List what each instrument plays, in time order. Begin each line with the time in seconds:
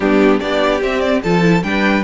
0.00 cello G3, viola B3, violin D4 G4
0.40 cello B3, viola D4, violin G4 D5
0.81 viola C4, cello C4, violin E5
1.00 violin D5
1.22 cello F3, viola F4, violin A4 A5
1.42 viola E4
1.62 cello G3, viola D4, violin B4 G5